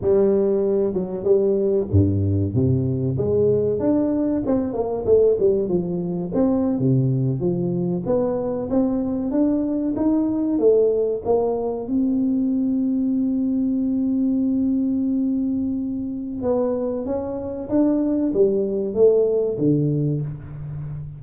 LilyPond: \new Staff \with { instrumentName = "tuba" } { \time 4/4 \tempo 4 = 95 g4. fis8 g4 g,4 | c4 gis4 d'4 c'8 ais8 | a8 g8 f4 c'8. c4 f16~ | f8. b4 c'4 d'4 dis'16~ |
dis'8. a4 ais4 c'4~ c'16~ | c'1~ | c'2 b4 cis'4 | d'4 g4 a4 d4 | }